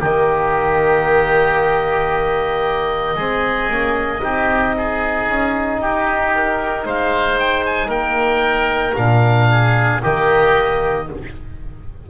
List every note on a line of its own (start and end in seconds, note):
0.00 3.17 D#3
0.00 3.18 A#3
0.00 3.15 G4
0.00 6.35 D#5
3.15 3.70 G#3
3.15 3.71 C4
3.15 4.20 G#4
3.70 4.22 A#3
3.70 4.20 C#4
4.20 5.28 C4
4.20 8.93 D#4
4.20 4.76 G4
4.77 5.81 G#4
5.28 5.79 C#4
5.79 6.85 D#4
5.79 6.85 G4
6.35 6.87 A#4
6.85 7.87 G#3
6.85 7.87 C5
6.85 7.39 F5
7.39 7.65 G5
7.66 7.90 G#5
7.87 8.93 A#3
7.87 9.45 A#4
7.87 8.95 G5
8.96 10.02 A#2
8.96 10.01 D4
8.96 10.01 F5
9.51 10.02 G#4
10.01 11.10 D#3
10.01 11.07 A#3
10.01 11.07 G4
10.01 11.09 D#5